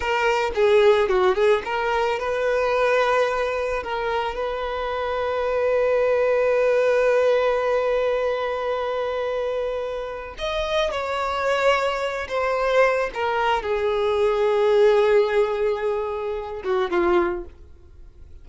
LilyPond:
\new Staff \with { instrumentName = "violin" } { \time 4/4 \tempo 4 = 110 ais'4 gis'4 fis'8 gis'8 ais'4 | b'2. ais'4 | b'1~ | b'1~ |
b'2. dis''4 | cis''2~ cis''8 c''4. | ais'4 gis'2.~ | gis'2~ gis'8 fis'8 f'4 | }